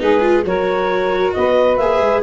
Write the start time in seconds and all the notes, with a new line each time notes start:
0.00 G#3 D#4 G#4 B4
0.21 F4
0.45 F#3 F#4 A#4 C#5
1.34 B3 B4 D#5
1.77 A#3 G#4 E5
2.00 G#3